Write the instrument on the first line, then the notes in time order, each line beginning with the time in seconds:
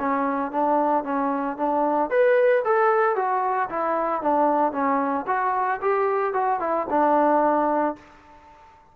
trombone
0.00 C#4
0.52 D4
1.05 C#4
1.58 D4
2.11 B4
2.65 A4
3.16 F#4
3.70 E4
4.22 D4
4.73 C#4
5.27 F#4
5.82 G4
6.34 F#4
6.61 E4
6.90 D4